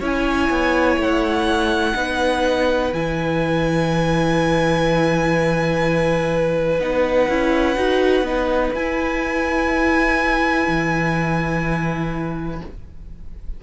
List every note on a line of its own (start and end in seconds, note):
0.00 0.50 C#4
0.00 1.95 E4
0.00 1.94 C#5
0.00 1.02 G#5
0.50 0.98 B3
0.98 1.94 A3
0.98 2.94 F#5
1.95 2.93 B3
1.95 2.92 D#4
1.95 12.62 B4
2.93 6.80 E3
2.93 6.81 E4
2.93 6.81 G#5
6.80 7.28 B3
6.80 7.29 D#4
6.80 8.75 F#5
7.29 7.77 C#4
7.29 7.76 E4
7.76 8.22 D#4
7.76 8.25 F#4
8.22 8.71 B3
8.22 8.74 D#4
8.74 10.67 E4
8.74 12.64 E4
8.74 12.62 G#5
10.68 12.61 E3